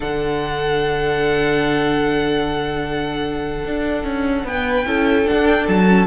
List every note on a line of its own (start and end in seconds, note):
0.00 3.65 D3
0.00 4.85 D4
0.00 4.46 A4
0.00 4.46 F#5
3.65 4.04 D4
4.04 4.44 C#4
4.44 4.85 B3
4.44 4.87 B4
4.44 5.27 G5
4.85 5.26 C#4
4.85 5.25 E4
4.85 6.06 A4
5.25 5.86 D4
5.25 5.68 D4
5.25 5.47 F#5
5.47 5.67 G5
5.67 6.06 F#3
5.67 6.06 A5
5.87 6.06 C#4